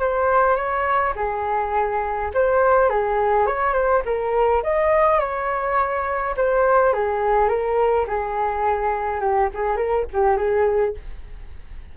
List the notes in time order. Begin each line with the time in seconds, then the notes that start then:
0.00 C5
0.56 C#5
1.16 G#4
2.34 C5
2.90 G#4
3.47 C#5
3.73 C5
4.05 A#4
4.63 D#5
5.20 C#5
6.37 C5
6.93 G#4
7.49 A#4
8.07 G#4
9.21 G4
9.54 G#4
9.77 A#4
10.13 G4
10.37 G#4